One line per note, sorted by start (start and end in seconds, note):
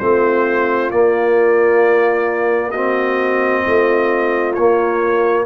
0.00 0.92 A3
0.00 0.92 C4
0.00 2.72 F4
0.00 0.91 C5
0.91 3.65 A#3
0.91 2.74 A#3
0.91 2.72 D5
2.72 4.57 C4
2.72 3.63 F#4
2.72 4.53 D#5
3.64 4.57 A3
3.64 5.46 F4
4.54 5.47 A#3
4.54 5.45 C#5